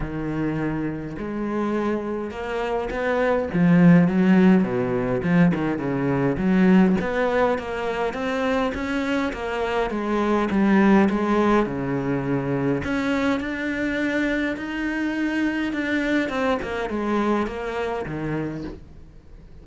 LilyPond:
\new Staff \with { instrumentName = "cello" } { \time 4/4 \tempo 4 = 103 dis2 gis2 | ais4 b4 f4 fis4 | b,4 f8 dis8 cis4 fis4 | b4 ais4 c'4 cis'4 |
ais4 gis4 g4 gis4 | cis2 cis'4 d'4~ | d'4 dis'2 d'4 | c'8 ais8 gis4 ais4 dis4 | }